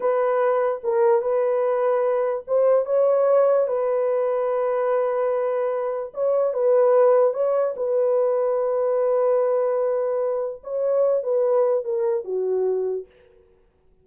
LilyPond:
\new Staff \with { instrumentName = "horn" } { \time 4/4 \tempo 4 = 147 b'2 ais'4 b'4~ | b'2 c''4 cis''4~ | cis''4 b'2.~ | b'2. cis''4 |
b'2 cis''4 b'4~ | b'1~ | b'2 cis''4. b'8~ | b'4 ais'4 fis'2 | }